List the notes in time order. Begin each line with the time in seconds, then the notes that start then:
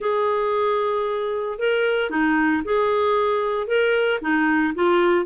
0.00 G#4
1.58 A#4
2.10 D#4
2.64 G#4
3.67 A#4
4.21 D#4
4.74 F4